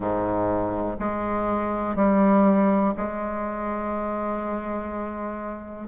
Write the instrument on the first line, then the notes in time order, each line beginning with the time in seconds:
bassoon
0.00 G#2
0.99 G#3
1.95 G3
2.96 G#3